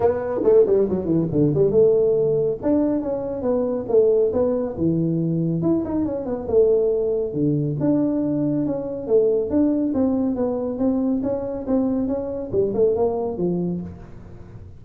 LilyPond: \new Staff \with { instrumentName = "tuba" } { \time 4/4 \tempo 4 = 139 b4 a8 g8 fis8 e8 d8 g8 | a2 d'4 cis'4 | b4 a4 b4 e4~ | e4 e'8 dis'8 cis'8 b8 a4~ |
a4 d4 d'2 | cis'4 a4 d'4 c'4 | b4 c'4 cis'4 c'4 | cis'4 g8 a8 ais4 f4 | }